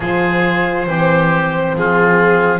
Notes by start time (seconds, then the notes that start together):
0.00 F3 F4 G#4 C5
0.86 E3 C4 G4
1.74 F3 F4 G#4